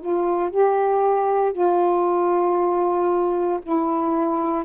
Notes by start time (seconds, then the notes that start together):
0.00 F4
0.50 G4
1.52 F4
3.62 E4